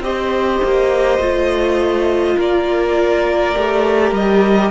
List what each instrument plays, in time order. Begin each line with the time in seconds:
0.00 cello C4, viola G4, violin C5 D#5
0.63 cello A#3
1.18 cello A3, viola F4
2.36 cello A#3, violin A#4 D5
3.55 cello A3, viola G4
4.12 cello G3, violin D#5